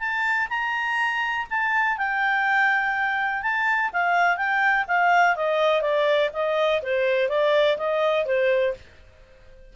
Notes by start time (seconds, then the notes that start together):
0.00 A5
0.50 A#5
1.50 A5
1.98 G5
3.43 A5
3.93 F5
4.37 G5
4.88 F5
5.36 D#5
5.82 D5
6.34 D#5
6.83 C5
7.29 D5
7.78 D#5
8.26 C5